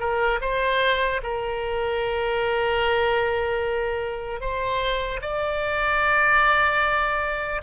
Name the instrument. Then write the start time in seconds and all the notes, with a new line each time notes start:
oboe
0.00 A#4
0.41 C5
1.23 A#4
4.41 C5
5.21 D5